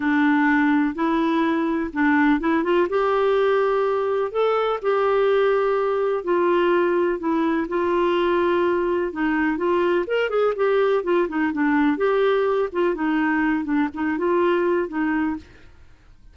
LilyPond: \new Staff \with { instrumentName = "clarinet" } { \time 4/4 \tempo 4 = 125 d'2 e'2 | d'4 e'8 f'8 g'2~ | g'4 a'4 g'2~ | g'4 f'2 e'4 |
f'2. dis'4 | f'4 ais'8 gis'8 g'4 f'8 dis'8 | d'4 g'4. f'8 dis'4~ | dis'8 d'8 dis'8 f'4. dis'4 | }